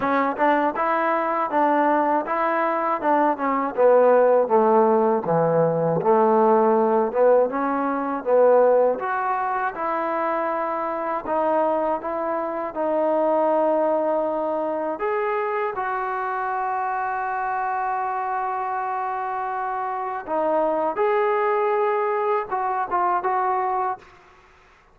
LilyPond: \new Staff \with { instrumentName = "trombone" } { \time 4/4 \tempo 4 = 80 cis'8 d'8 e'4 d'4 e'4 | d'8 cis'8 b4 a4 e4 | a4. b8 cis'4 b4 | fis'4 e'2 dis'4 |
e'4 dis'2. | gis'4 fis'2.~ | fis'2. dis'4 | gis'2 fis'8 f'8 fis'4 | }